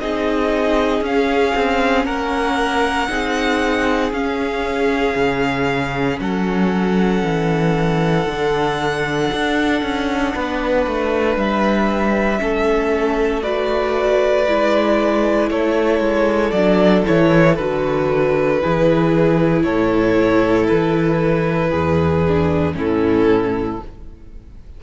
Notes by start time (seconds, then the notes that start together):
0.00 C4 D#4 G#4 D#5
1.01 C#4 F5
1.55 C4
2.05 A#3 A#4 F#5
3.09 C4 D#4 G#4
4.12 C#4 F5
5.16 C#3
6.19 F#3 A4 F#5
7.23 E3
8.27 D3 D4
9.32 D4
9.82 C#4
10.34 B3 B4
10.86 A3
11.37 G3 E5
12.38 A3 C#4 A4
13.42 F#4 B4 D5
14.48 G#3 E4
15.50 A3 A4 C#5
16.00 G#3
16.51 F#3 D4 D5
17.05 E3 E4 C#5
17.56 D3 F#4 B4
18.61 E3 E4 G#4
19.63 A2 A4 C#5
20.68 E3 B4
21.70 E2 G#4
22.28 D4
22.74 A2 C#4 E4 A4